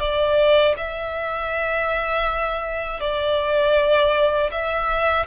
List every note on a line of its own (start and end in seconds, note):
0.00 0.75 D5
0.77 3.00 E5
3.00 4.50 D5
4.51 5.26 E5